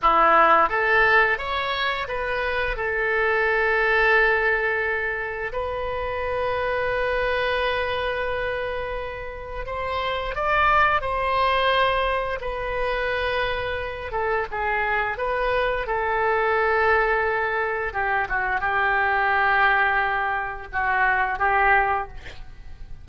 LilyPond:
\new Staff \with { instrumentName = "oboe" } { \time 4/4 \tempo 4 = 87 e'4 a'4 cis''4 b'4 | a'1 | b'1~ | b'2 c''4 d''4 |
c''2 b'2~ | b'8 a'8 gis'4 b'4 a'4~ | a'2 g'8 fis'8 g'4~ | g'2 fis'4 g'4 | }